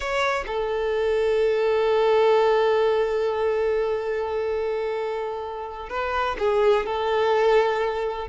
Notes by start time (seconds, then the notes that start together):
0.00 C#5
0.46 A4
5.89 B4
6.39 G#4
6.86 A4